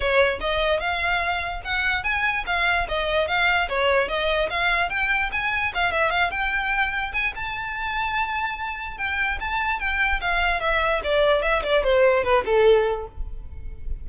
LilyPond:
\new Staff \with { instrumentName = "violin" } { \time 4/4 \tempo 4 = 147 cis''4 dis''4 f''2 | fis''4 gis''4 f''4 dis''4 | f''4 cis''4 dis''4 f''4 | g''4 gis''4 f''8 e''8 f''8 g''8~ |
g''4. gis''8 a''2~ | a''2 g''4 a''4 | g''4 f''4 e''4 d''4 | e''8 d''8 c''4 b'8 a'4. | }